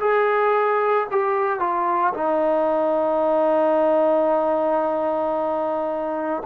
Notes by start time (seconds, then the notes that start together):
0.00 G#4
1.11 G4
1.60 F4
2.14 D#4